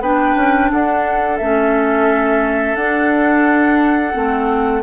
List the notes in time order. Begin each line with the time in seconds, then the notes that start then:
0.00 B3 D4 B4 G5
0.35 C#4
0.72 D4 A4 F#5
1.37 A3 C#4 E5
2.75 D4 F#5
4.13 A3 C4